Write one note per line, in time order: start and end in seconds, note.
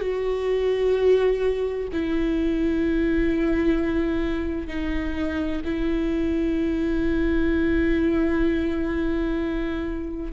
0.00 1.87 F#4
1.92 4.67 E4
4.67 5.61 D#4
5.64 10.32 E4